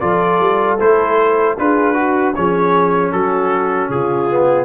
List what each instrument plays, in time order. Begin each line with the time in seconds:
0.00 tuba F3, trombone F4, horn A4, trumpet D5
0.40 tuba G3
0.80 tuba A3, trombone E4, trumpet C5
1.59 tuba D4, trombone F4, horn G#4, trumpet B4
1.94 trombone F#4, horn F#4
2.35 tuba F3, trombone C#4, horn G#4, trumpet C#5
3.12 tuba F#3, horn F#4, trumpet A4
3.89 tuba C#3, horn F4, trumpet G#4
4.30 trombone B3